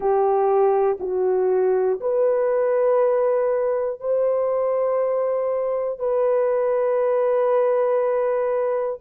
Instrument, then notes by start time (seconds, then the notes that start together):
horn
0.00 G4
1.00 F#4
2.00 B4
4.00 C5
5.99 B4